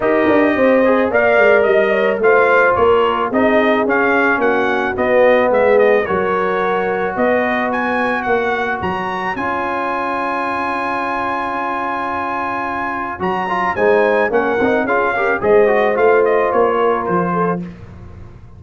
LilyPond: <<
  \new Staff \with { instrumentName = "trumpet" } { \time 4/4 \tempo 4 = 109 dis''2 f''4 dis''4 | f''4 cis''4 dis''4 f''4 | fis''4 dis''4 e''8 dis''8 cis''4~ | cis''4 dis''4 gis''4 fis''4 |
ais''4 gis''2.~ | gis''1 | ais''4 gis''4 fis''4 f''4 | dis''4 f''8 dis''8 cis''4 c''4 | }
  \new Staff \with { instrumentName = "horn" } { \time 4/4 ais'4 c''4 d''4 dis''8 cis''8 | c''4 ais'4 gis'2 | fis'2 gis'4 ais'4~ | ais'4 b'2 cis''4~ |
cis''1~ | cis''1~ | cis''4 c''4 ais'4 gis'8 ais'8 | c''2~ c''8 ais'4 a'8 | }
  \new Staff \with { instrumentName = "trombone" } { \time 4/4 g'4. gis'8 ais'2 | f'2 dis'4 cis'4~ | cis'4 b2 fis'4~ | fis'1~ |
fis'4 f'2.~ | f'1 | fis'8 f'8 dis'4 cis'8 dis'8 f'8 g'8 | gis'8 fis'8 f'2. | }
  \new Staff \with { instrumentName = "tuba" } { \time 4/4 dis'8 d'8 c'4 ais8 gis8 g4 | a4 ais4 c'4 cis'4 | ais4 b4 gis4 fis4~ | fis4 b2 ais4 |
fis4 cis'2.~ | cis'1 | fis4 gis4 ais8 c'8 cis'4 | gis4 a4 ais4 f4 | }
>>